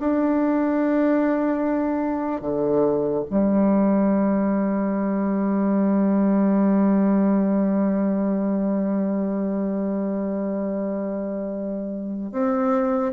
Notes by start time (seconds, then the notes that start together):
0.00 D4
2.41 D3
3.30 G3
12.32 C4